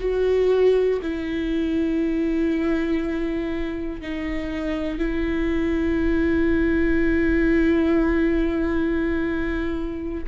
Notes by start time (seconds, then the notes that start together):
0.00 F#4
1.02 E4
4.01 D#4
4.99 E4